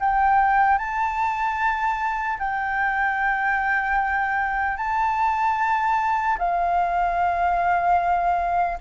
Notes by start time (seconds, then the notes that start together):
0.00 G5
0.78 A5
2.39 G5
4.77 A5
6.39 F5